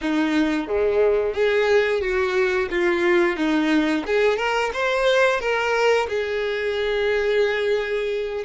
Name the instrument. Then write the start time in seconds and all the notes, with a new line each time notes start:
violin
0.01 D#4
0.67 G#3
1.33 G#4
2.01 F#4
2.70 F4
3.36 D#4
4.06 G#4
4.36 A#4
4.73 C5
5.39 A#4
6.08 G#4